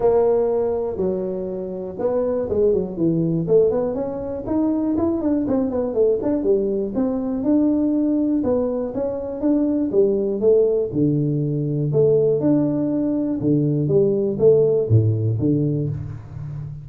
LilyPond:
\new Staff \with { instrumentName = "tuba" } { \time 4/4 \tempo 4 = 121 ais2 fis2 | b4 gis8 fis8 e4 a8 b8 | cis'4 dis'4 e'8 d'8 c'8 b8 | a8 d'8 g4 c'4 d'4~ |
d'4 b4 cis'4 d'4 | g4 a4 d2 | a4 d'2 d4 | g4 a4 a,4 d4 | }